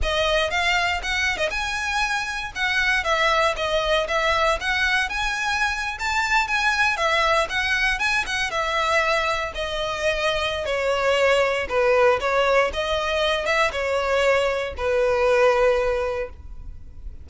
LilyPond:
\new Staff \with { instrumentName = "violin" } { \time 4/4 \tempo 4 = 118 dis''4 f''4 fis''8. dis''16 gis''4~ | gis''4 fis''4 e''4 dis''4 | e''4 fis''4 gis''4.~ gis''16 a''16~ | a''8. gis''4 e''4 fis''4 gis''16~ |
gis''16 fis''8 e''2 dis''4~ dis''16~ | dis''4 cis''2 b'4 | cis''4 dis''4. e''8 cis''4~ | cis''4 b'2. | }